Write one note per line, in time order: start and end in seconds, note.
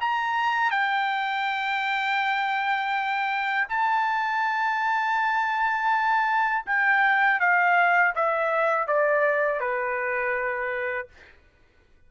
0.00 0.71 A#5
0.71 3.67 G5
3.68 6.65 A5
6.66 7.40 G5
7.40 8.14 F5
8.15 8.87 E5
8.87 9.60 D5
9.60 11.08 B4